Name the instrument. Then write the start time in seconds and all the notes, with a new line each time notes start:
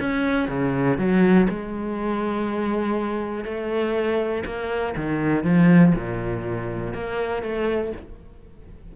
cello
0.00 C#4
0.48 C#3
0.98 F#3
1.49 G#3
3.44 A3
4.45 A#3
4.96 D#3
5.43 F3
5.95 A#2
6.94 A#3
7.43 A3